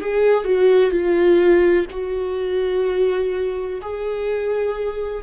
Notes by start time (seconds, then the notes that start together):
0.00 G#4
0.44 F#4
0.91 F4
1.90 F#4
3.82 G#4